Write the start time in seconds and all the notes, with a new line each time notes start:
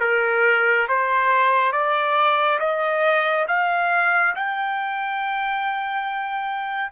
0.00 A#4
0.88 C5
1.72 D5
2.59 D#5
3.47 F5
4.35 G5